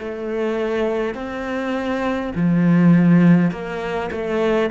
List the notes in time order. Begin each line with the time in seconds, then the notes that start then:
0.00 A3
1.15 C4
2.36 F3
3.51 A#3
4.12 A3